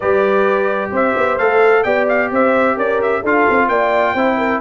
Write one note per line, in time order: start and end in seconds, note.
0.00 0.91 G3
0.00 1.39 G4
0.00 0.90 B4
0.00 0.91 D5
0.90 1.14 C4
0.90 1.83 C5
0.90 1.38 E5
1.16 1.38 B3
1.38 1.84 A3
1.38 1.84 A4
1.38 1.83 F5
1.83 2.30 B3
1.83 3.23 G4
1.83 2.30 D5
1.83 2.06 G5
2.08 2.31 F5
2.31 2.76 C4
2.31 2.76 C5
2.31 2.78 E5
2.76 3.22 C#4
2.76 3.21 A#4
2.76 3.01 D5
3.02 3.25 E5
3.21 3.46 D4
3.21 4.16 F4
3.21 3.67 A4
3.21 3.68 F5
3.49 3.68 C4
3.68 4.14 A#3
3.68 4.13 D5
3.68 4.60 G5
4.13 4.60 C4
4.13 4.61 E4
4.13 4.36 C5
4.37 4.60 A#4